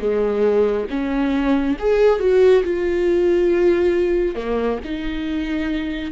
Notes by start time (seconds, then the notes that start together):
0.00 G#3
0.90 C#4
1.79 G#4
2.19 F#4
2.64 F4
4.35 A#3
4.84 D#4